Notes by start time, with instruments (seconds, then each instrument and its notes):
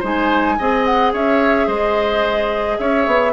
0.00 bassoon G#3, clarinet D#4, oboe C5, flute G#5
0.59 bassoon C4, clarinet G#4, oboe D#5
0.85 flute F#5
1.14 bassoon C#4, oboe C#5, flute E5
1.68 bassoon G#3, oboe C5, flute D#5
2.79 bassoon C#4, oboe C#5, flute E5
3.07 bassoon B3